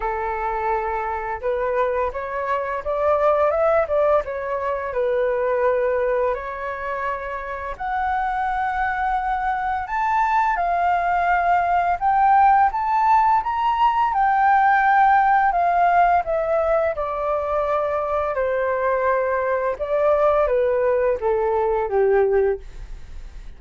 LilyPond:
\new Staff \with { instrumentName = "flute" } { \time 4/4 \tempo 4 = 85 a'2 b'4 cis''4 | d''4 e''8 d''8 cis''4 b'4~ | b'4 cis''2 fis''4~ | fis''2 a''4 f''4~ |
f''4 g''4 a''4 ais''4 | g''2 f''4 e''4 | d''2 c''2 | d''4 b'4 a'4 g'4 | }